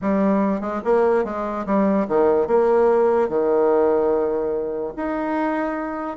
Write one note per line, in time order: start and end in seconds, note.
0.01 0.61 G3
0.61 0.81 G#3
0.84 1.24 A#3
1.24 1.65 G#3
1.66 2.07 G3
2.08 2.47 D#3
2.47 3.29 A#3
3.29 4.93 D#3
4.96 6.16 D#4